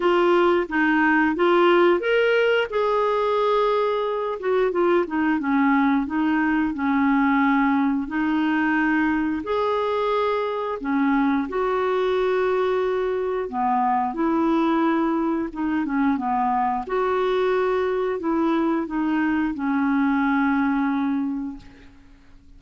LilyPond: \new Staff \with { instrumentName = "clarinet" } { \time 4/4 \tempo 4 = 89 f'4 dis'4 f'4 ais'4 | gis'2~ gis'8 fis'8 f'8 dis'8 | cis'4 dis'4 cis'2 | dis'2 gis'2 |
cis'4 fis'2. | b4 e'2 dis'8 cis'8 | b4 fis'2 e'4 | dis'4 cis'2. | }